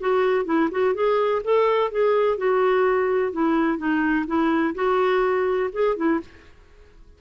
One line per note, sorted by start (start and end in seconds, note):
0.00 0.45 F#4
0.45 0.69 E4
0.71 0.94 F#4
0.94 1.42 G#4
1.44 1.91 A4
1.91 2.38 G#4
2.38 3.32 F#4
3.32 3.78 E4
3.78 4.26 D#4
4.27 4.74 E4
4.75 5.70 F#4
5.73 5.96 G#4
5.96 6.20 E4